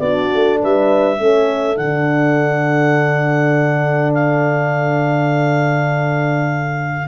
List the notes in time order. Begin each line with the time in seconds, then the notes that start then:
0.00 B3 D4 F#4 D5
0.34 A3
0.62 G3 B4 E5
1.19 A3 C#4 A4
1.76 D3 D4 F#5
4.15 F5